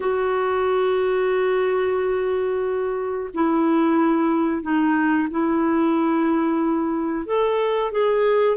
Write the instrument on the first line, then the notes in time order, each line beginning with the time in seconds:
clarinet
0.00 F#4
3.34 E4
4.62 D#4
5.30 E4
7.26 A4
7.91 G#4